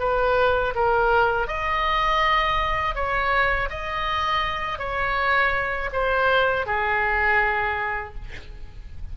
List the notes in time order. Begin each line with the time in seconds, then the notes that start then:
0.00 B4
0.75 A#4
1.48 D#5
2.96 C#5
3.70 D#5
4.79 C#5
5.93 C5
6.67 G#4